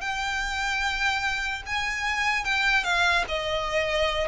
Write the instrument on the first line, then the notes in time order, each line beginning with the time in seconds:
violin
0.00 G5
1.66 G#5
2.44 G5
2.83 F5
3.28 D#5